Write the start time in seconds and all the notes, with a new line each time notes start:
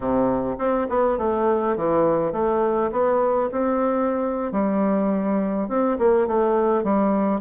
0.00 C3
0.58 C4
0.89 B3
1.18 A3
1.76 E3
2.32 A3
2.91 B3
3.51 C4
4.51 G3
5.68 C4
5.98 A#3
6.27 A3
6.83 G3